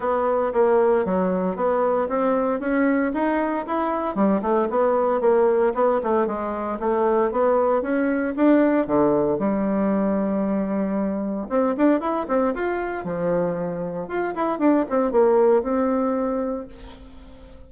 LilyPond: \new Staff \with { instrumentName = "bassoon" } { \time 4/4 \tempo 4 = 115 b4 ais4 fis4 b4 | c'4 cis'4 dis'4 e'4 | g8 a8 b4 ais4 b8 a8 | gis4 a4 b4 cis'4 |
d'4 d4 g2~ | g2 c'8 d'8 e'8 c'8 | f'4 f2 f'8 e'8 | d'8 c'8 ais4 c'2 | }